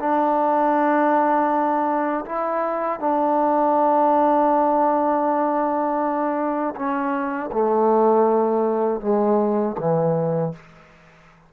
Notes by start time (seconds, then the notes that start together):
0.00 D4
2.26 E4
3.00 D4
6.76 C#4
7.52 A3
9.01 G#3
9.78 E3